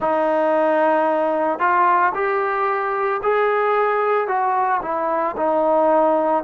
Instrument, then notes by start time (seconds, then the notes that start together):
trombone
0.00 D#4
1.59 F4
2.14 G4
3.22 G#4
4.27 F#4
4.82 E4
5.36 D#4